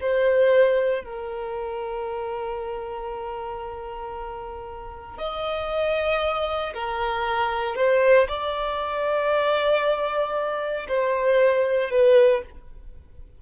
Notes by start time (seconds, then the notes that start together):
0.00 C5
1.04 A#4
5.18 D#5
6.73 A#4
7.75 C5
8.28 D5
10.88 C5
11.90 B4